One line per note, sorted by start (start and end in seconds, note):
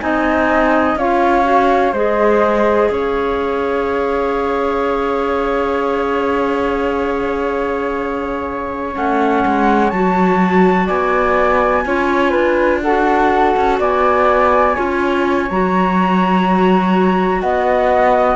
0.00 0.96 C4
0.00 0.97 D#4
0.00 0.99 D#5
0.00 0.97 G#5
0.96 1.93 C#4
0.96 1.44 F4
0.96 1.93 C#5
0.96 1.94 F5
1.44 1.92 F#4
1.93 2.90 G#3
1.93 8.94 G#4
1.93 2.90 C5
1.93 2.91 D#5
2.91 8.95 C#4
2.91 10.87 C#5
2.91 8.96 F5
8.94 9.45 A3
8.94 9.91 C#4
8.94 9.90 F#5
9.46 9.93 G#3
9.90 10.89 F#3
9.90 11.87 F#4
9.90 10.87 A5
10.87 11.86 B3
10.87 11.83 D5
10.87 12.81 G#5
11.86 12.34 C#4
11.86 12.84 F4
11.86 12.31 C#5
12.31 13.55 D4
12.31 12.79 B4
12.82 14.76 F#4
12.82 13.80 A4
12.82 13.79 F#5
13.57 13.80 C#4
13.80 14.77 B3
13.80 14.75 D5
13.80 15.51 G#5
14.75 15.51 C#4
14.75 15.48 F4
14.75 17.42 C#5
15.51 17.43 F#3
15.51 18.36 F#4
15.51 17.41 A#5
17.41 18.36 B3
17.41 18.36 D#5
17.41 18.36 F#5